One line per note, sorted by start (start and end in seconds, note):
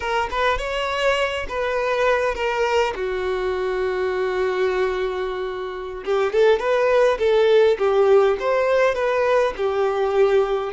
0.00 0.29 A#4
0.30 0.58 B4
0.58 1.46 C#5
1.49 2.34 B4
2.34 2.93 A#4
2.95 6.04 F#4
6.05 6.32 G4
6.32 6.59 A4
6.59 7.18 B4
7.18 7.77 A4
7.78 8.37 G4
8.39 8.94 C5
8.94 9.53 B4
9.56 10.72 G4